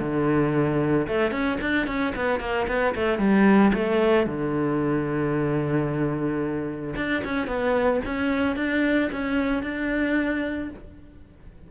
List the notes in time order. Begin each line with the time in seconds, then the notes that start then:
0.00 D3
1.07 A3
1.31 C#4
1.61 D4
1.87 C#4
2.16 B3
2.40 A#3
2.68 B3
2.95 A3
3.19 G3
3.74 A3
4.26 D3
6.96 D4
7.25 C#4
7.47 B3
8.06 C#4
8.56 D4
9.12 C#4
9.63 D4